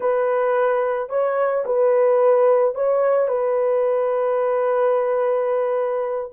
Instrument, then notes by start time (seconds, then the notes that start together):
horn
0.00 B4
1.09 C#5
1.65 B4
2.74 C#5
3.28 B4